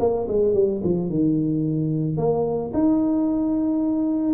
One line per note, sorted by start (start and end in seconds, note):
0.00 0.27 A#3
0.29 0.54 G#3
0.54 0.82 G3
0.84 1.10 F3
1.10 2.18 D#3
2.18 2.72 A#3
2.74 4.35 D#4